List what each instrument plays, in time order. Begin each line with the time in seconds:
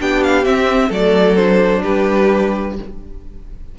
0.00 cello B3, viola D4, violin G4 G5
0.23 violin F5
0.44 viola C4, cello C4, violin E5
0.89 cello F#3, viola A3, violin A4 D5
1.36 viola D4, violin C5
1.82 cello G3, violin G4 B4